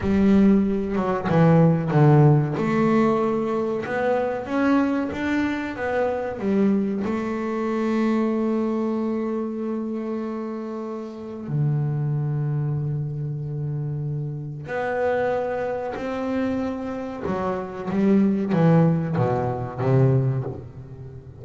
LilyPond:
\new Staff \with { instrumentName = "double bass" } { \time 4/4 \tempo 4 = 94 g4. fis8 e4 d4 | a2 b4 cis'4 | d'4 b4 g4 a4~ | a1~ |
a2 d2~ | d2. b4~ | b4 c'2 fis4 | g4 e4 b,4 c4 | }